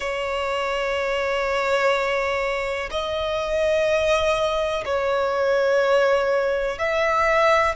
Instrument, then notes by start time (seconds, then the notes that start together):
violin
0.00 C#5
2.90 D#5
4.85 C#5
6.78 E5